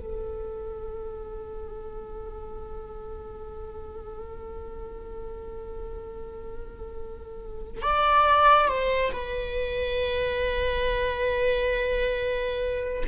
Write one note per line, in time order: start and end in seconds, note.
0.00 7.83 A4
7.83 8.68 D5
8.68 9.12 C5
9.12 13.04 B4